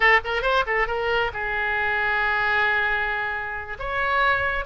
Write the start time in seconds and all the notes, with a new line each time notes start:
0.00 A4
0.24 A#4
0.42 C5
0.66 A4
0.87 A#4
1.33 G#4
3.79 C#5